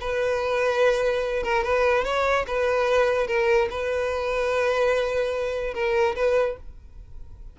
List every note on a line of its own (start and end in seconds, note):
0.00 1.43 B4
1.43 1.63 A#4
1.63 2.04 B4
2.04 2.45 C#5
2.47 3.27 B4
3.27 3.68 A#4
3.70 5.74 B4
5.74 6.15 A#4
6.15 6.56 B4